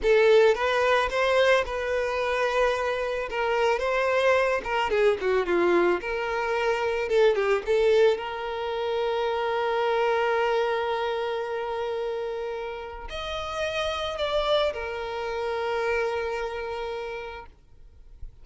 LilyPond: \new Staff \with { instrumentName = "violin" } { \time 4/4 \tempo 4 = 110 a'4 b'4 c''4 b'4~ | b'2 ais'4 c''4~ | c''8 ais'8 gis'8 fis'8 f'4 ais'4~ | ais'4 a'8 g'8 a'4 ais'4~ |
ais'1~ | ais'1 | dis''2 d''4 ais'4~ | ais'1 | }